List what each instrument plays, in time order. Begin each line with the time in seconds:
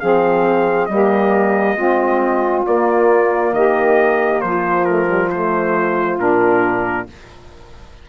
0.00 bassoon F3, saxophone C4 G#4, trumpet F5
0.86 bassoon G3, saxophone A#3, trumpet D#5
0.92 saxophone G4
1.75 bassoon G#3, saxophone C4 F4
2.67 bassoon A#3, saxophone A#3, trumpet D5
3.52 bassoon D#3, saxophone G4, trumpet D#5
4.41 bassoon F3, saxophone F4, trumpet C5
4.85 saxophone A3, trumpet A#4
5.06 saxophone G3
5.31 saxophone A3, trumpet C5
6.18 bassoon A#2, saxophone D4, trumpet A#4